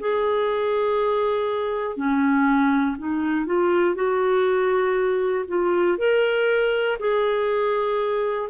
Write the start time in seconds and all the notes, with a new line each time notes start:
0.00 G#4
1.97 C#4
2.98 D#4
3.46 F4
3.95 F#4
5.47 F4
5.98 A#4
7.00 G#4